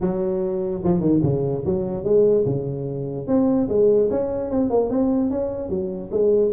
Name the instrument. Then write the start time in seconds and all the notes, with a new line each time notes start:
tuba
0.00 F#3
0.84 F3
1.00 D#3
1.22 C#3
1.65 F#3
2.04 G#3
2.45 C#3
3.27 C4
3.68 G#3
4.10 C#4
4.50 C4
4.69 A#3
4.90 C4
5.30 C#4
5.69 F#3
6.11 G#3